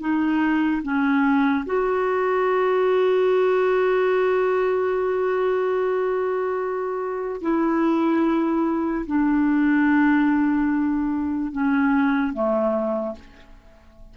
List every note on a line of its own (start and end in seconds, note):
0.00 0.82 D#4
0.83 1.65 C#4
1.66 7.41 F#4
7.41 9.06 E4
9.06 11.52 D4
11.52 12.33 C#4
12.33 13.15 A3